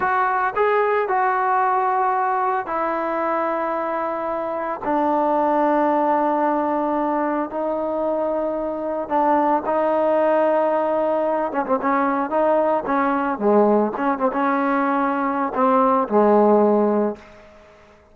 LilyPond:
\new Staff \with { instrumentName = "trombone" } { \time 4/4 \tempo 4 = 112 fis'4 gis'4 fis'2~ | fis'4 e'2.~ | e'4 d'2.~ | d'2 dis'2~ |
dis'4 d'4 dis'2~ | dis'4. cis'16 c'16 cis'4 dis'4 | cis'4 gis4 cis'8 c'16 cis'4~ cis'16~ | cis'4 c'4 gis2 | }